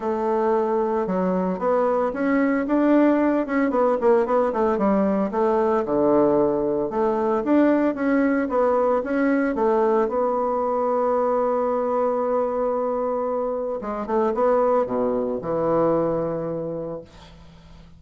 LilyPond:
\new Staff \with { instrumentName = "bassoon" } { \time 4/4 \tempo 4 = 113 a2 fis4 b4 | cis'4 d'4. cis'8 b8 ais8 | b8 a8 g4 a4 d4~ | d4 a4 d'4 cis'4 |
b4 cis'4 a4 b4~ | b1~ | b2 gis8 a8 b4 | b,4 e2. | }